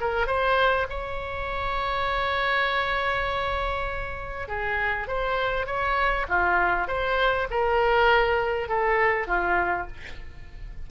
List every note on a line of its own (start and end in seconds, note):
0.00 0.26 A#4
0.26 0.86 C5
0.89 4.48 C#5
4.48 5.07 G#4
5.07 5.66 C5
5.66 6.26 C#5
6.28 6.87 F4
6.87 7.47 C5
7.50 8.68 A#4
8.68 9.27 A4
9.27 9.87 F4